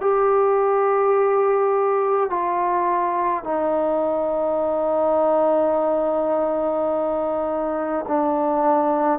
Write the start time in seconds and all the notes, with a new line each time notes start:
0.00 G4
2.30 F4
3.44 D#4
8.07 D4